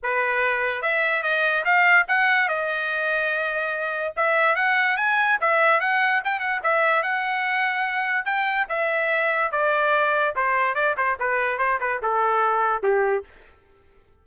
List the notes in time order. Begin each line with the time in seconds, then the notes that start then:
0.02 B4
0.82 E5
1.22 D#5
1.64 F5
2.07 F#5
2.48 D#5
4.16 E5
4.55 F#5
4.97 G#5
5.40 E5
5.80 F#5
6.24 G5
6.39 F#5
6.63 E5
7.02 F#5
8.25 G5
8.68 E5
9.51 D5
10.35 C5
10.74 D5
10.97 C5
11.19 B4
11.58 C5
11.80 B4
12.02 A4
12.82 G4